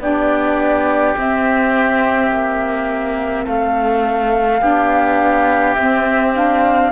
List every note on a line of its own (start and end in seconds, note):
0.00 1.15 B3
0.00 1.16 D4
0.00 3.45 G4
0.00 1.17 D5
1.16 4.61 C4
1.16 2.31 C4
1.16 3.46 E5
2.31 3.47 A#3
3.45 4.62 A3
3.45 4.60 A4
3.45 5.75 F5
4.60 5.77 B3
4.60 5.76 D4
4.60 6.91 G4
5.75 6.92 C4
5.75 6.36 C4
5.75 6.33 E5
6.35 6.92 D4
6.35 6.92 F5